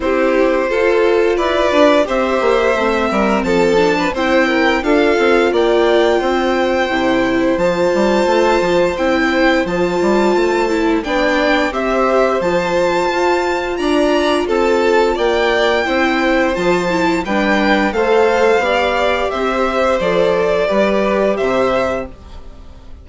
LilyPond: <<
  \new Staff \with { instrumentName = "violin" } { \time 4/4 \tempo 4 = 87 c''2 d''4 e''4~ | e''4 a''4 g''4 f''4 | g''2. a''4~ | a''4 g''4 a''2 |
g''4 e''4 a''2 | ais''4 a''4 g''2 | a''4 g''4 f''2 | e''4 d''2 e''4 | }
  \new Staff \with { instrumentName = "violin" } { \time 4/4 g'4 a'4 b'4 c''4~ | c''8 ais'8 a'8. b'16 c''8 ais'8 a'4 | d''4 c''2.~ | c''1 |
d''4 c''2. | d''4 a'4 d''4 c''4~ | c''4 b'4 c''4 d''4 | c''2 b'4 c''4 | }
  \new Staff \with { instrumentName = "viola" } { \time 4/4 e'4 f'2 g'4 | c'4. d'8 e'4 f'4~ | f'2 e'4 f'4~ | f'4 e'4 f'4. e'8 |
d'4 g'4 f'2~ | f'2. e'4 | f'8 e'8 d'4 a'4 g'4~ | g'4 a'4 g'2 | }
  \new Staff \with { instrumentName = "bassoon" } { \time 4/4 c'4 f'4 e'8 d'8 c'8 ais8 | a8 g8 f4 c'4 d'8 c'8 | ais4 c'4 c4 f8 g8 | a8 f8 c'4 f8 g8 a4 |
b4 c'4 f4 f'4 | d'4 c'4 ais4 c'4 | f4 g4 a4 b4 | c'4 f4 g4 c4 | }
>>